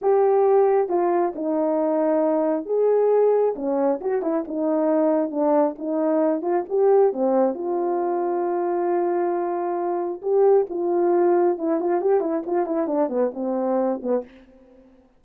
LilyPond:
\new Staff \with { instrumentName = "horn" } { \time 4/4 \tempo 4 = 135 g'2 f'4 dis'4~ | dis'2 gis'2 | cis'4 fis'8 e'8 dis'2 | d'4 dis'4. f'8 g'4 |
c'4 f'2.~ | f'2. g'4 | f'2 e'8 f'8 g'8 e'8 | f'8 e'8 d'8 b8 c'4. b8 | }